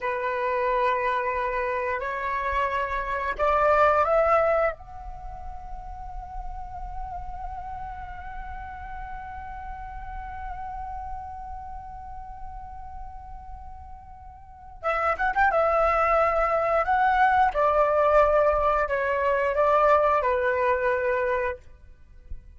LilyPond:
\new Staff \with { instrumentName = "flute" } { \time 4/4 \tempo 4 = 89 b'2. cis''4~ | cis''4 d''4 e''4 fis''4~ | fis''1~ | fis''1~ |
fis''1~ | fis''2 e''8 fis''16 g''16 e''4~ | e''4 fis''4 d''2 | cis''4 d''4 b'2 | }